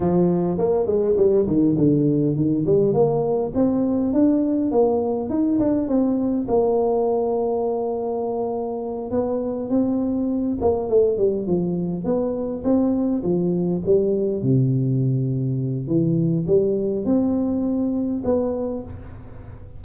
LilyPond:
\new Staff \with { instrumentName = "tuba" } { \time 4/4 \tempo 4 = 102 f4 ais8 gis8 g8 dis8 d4 | dis8 g8 ais4 c'4 d'4 | ais4 dis'8 d'8 c'4 ais4~ | ais2.~ ais8 b8~ |
b8 c'4. ais8 a8 g8 f8~ | f8 b4 c'4 f4 g8~ | g8 c2~ c8 e4 | g4 c'2 b4 | }